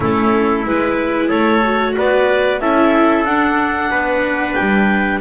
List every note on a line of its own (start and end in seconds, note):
0.00 0.64 A3
0.00 0.64 C#4
0.00 1.28 E4
0.00 0.67 A4
0.65 1.30 G#3
0.65 1.62 E4
0.65 1.29 B4
1.28 1.95 A3
1.28 1.93 A4
1.28 1.94 C#5
1.62 2.60 F#4
1.97 2.60 B3
1.97 2.61 B4
1.97 2.60 D5
2.60 3.25 C#4
2.60 3.26 E4
2.60 3.90 A4
2.60 3.25 E5
3.25 3.90 D4
3.25 5.20 D4
3.25 4.53 F#5
3.90 4.56 B3
3.90 5.20 B4
4.53 5.18 G5
4.59 5.20 G3